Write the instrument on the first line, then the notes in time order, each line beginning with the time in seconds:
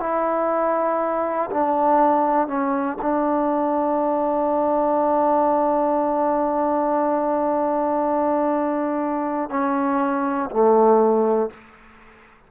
trombone
0.00 E4
1.50 D4
2.48 C#4
3.02 D4
9.50 C#4
10.50 A3